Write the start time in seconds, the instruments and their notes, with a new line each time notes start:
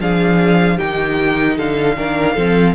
0.00 cello F3, viola D4, violin G#4 F5
0.77 cello D#3, viola D#4, violin G4 G5
1.57 cello D3, violin A4 F5
1.97 cello D#3, viola D4, violin A#4
2.35 cello F3, viola C4, violin A4